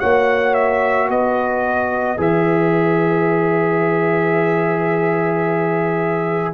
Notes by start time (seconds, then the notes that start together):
0.00 A#3 F#4 C#5 F#5
0.55 E5
1.09 B3 B4 D#5
2.17 E3 G#4 E5